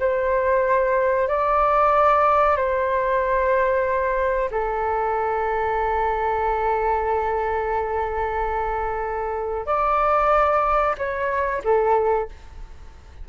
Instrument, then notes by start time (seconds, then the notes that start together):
flute
0.00 C5
1.28 D5
2.57 C5
4.51 A4
9.67 D5
10.98 C#5
11.65 A4